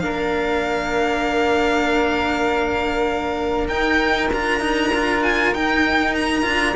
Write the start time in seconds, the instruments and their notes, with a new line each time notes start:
0.00 cello A#3 D4, flute A#4, violin F5
3.67 cello D#4, violin G5
4.32 cello D4 F4, violin A#5
4.60 cello D#4
4.94 cello F4
5.23 violin G#5
5.53 cello D#4, violin G5
6.15 violin A#5
6.43 cello D4 F4